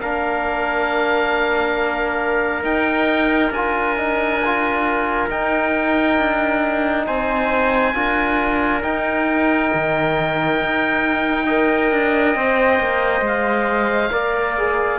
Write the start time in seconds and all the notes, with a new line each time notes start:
0.00 A#3 D4 A#4 F5
2.64 D#4 G5
3.50 D4 F4 G#5
3.97 D#4
4.46 F4
5.30 D#4 G5
6.19 D4
7.07 C4 C5 G#5
7.94 D4 F4 A#4
8.83 D#4 G5
9.74 D#3
10.61 D#4
11.46 A#4 D#5
11.92 D4
12.36 C4 C5
12.80 A#3
13.22 G#3 F5
14.12 A#3 A#4 D5
14.58 G#4